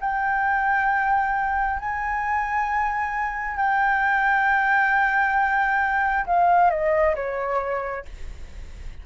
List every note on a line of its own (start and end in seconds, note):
0.00 1.79 G5
1.79 3.57 G#5
3.57 6.25 G5
6.26 6.70 F5
6.70 7.15 D#5
7.15 8.05 C#5